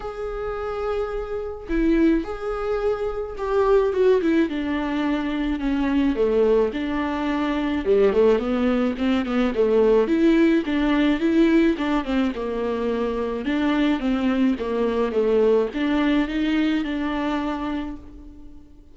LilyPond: \new Staff \with { instrumentName = "viola" } { \time 4/4 \tempo 4 = 107 gis'2. e'4 | gis'2 g'4 fis'8 e'8 | d'2 cis'4 a4 | d'2 g8 a8 b4 |
c'8 b8 a4 e'4 d'4 | e'4 d'8 c'8 ais2 | d'4 c'4 ais4 a4 | d'4 dis'4 d'2 | }